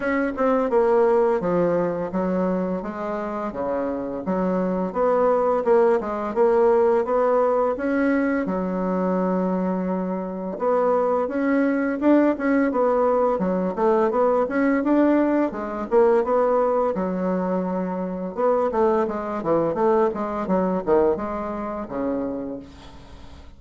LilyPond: \new Staff \with { instrumentName = "bassoon" } { \time 4/4 \tempo 4 = 85 cis'8 c'8 ais4 f4 fis4 | gis4 cis4 fis4 b4 | ais8 gis8 ais4 b4 cis'4 | fis2. b4 |
cis'4 d'8 cis'8 b4 fis8 a8 | b8 cis'8 d'4 gis8 ais8 b4 | fis2 b8 a8 gis8 e8 | a8 gis8 fis8 dis8 gis4 cis4 | }